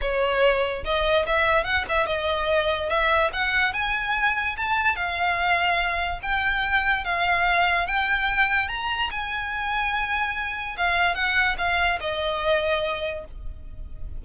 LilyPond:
\new Staff \with { instrumentName = "violin" } { \time 4/4 \tempo 4 = 145 cis''2 dis''4 e''4 | fis''8 e''8 dis''2 e''4 | fis''4 gis''2 a''4 | f''2. g''4~ |
g''4 f''2 g''4~ | g''4 ais''4 gis''2~ | gis''2 f''4 fis''4 | f''4 dis''2. | }